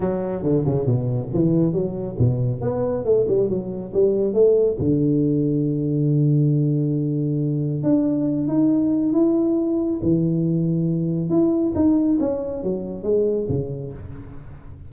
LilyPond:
\new Staff \with { instrumentName = "tuba" } { \time 4/4 \tempo 4 = 138 fis4 d8 cis8 b,4 e4 | fis4 b,4 b4 a8 g8 | fis4 g4 a4 d4~ | d1~ |
d2 d'4. dis'8~ | dis'4 e'2 e4~ | e2 e'4 dis'4 | cis'4 fis4 gis4 cis4 | }